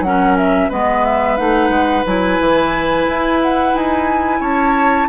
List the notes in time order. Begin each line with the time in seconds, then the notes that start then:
0.00 F#3 C#4 F#5
0.06 A#4
0.37 E5
0.69 G#3 B3 B4 D#5
1.05 E5
1.37 A3 D#4 F#5
1.69 G#3
2.07 F#3 E4 G#5
2.40 E3
3.09 E4
3.42 F#5
3.74 D#4 G#5
4.41 C#4 C#5 A5